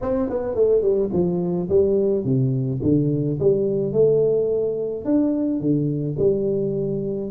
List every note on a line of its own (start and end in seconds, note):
0.01 0.29 C4
0.29 0.55 B3
0.55 0.81 A3
0.81 1.09 G3
1.12 1.68 F3
1.69 2.24 G3
2.24 2.80 C3
2.82 3.38 D3
3.39 3.92 G3
3.92 5.04 A3
5.05 5.60 D4
5.60 6.16 D3
6.18 7.30 G3